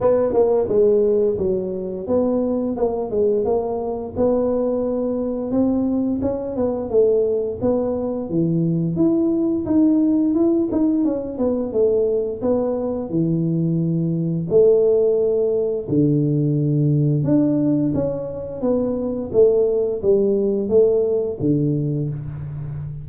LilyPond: \new Staff \with { instrumentName = "tuba" } { \time 4/4 \tempo 4 = 87 b8 ais8 gis4 fis4 b4 | ais8 gis8 ais4 b2 | c'4 cis'8 b8 a4 b4 | e4 e'4 dis'4 e'8 dis'8 |
cis'8 b8 a4 b4 e4~ | e4 a2 d4~ | d4 d'4 cis'4 b4 | a4 g4 a4 d4 | }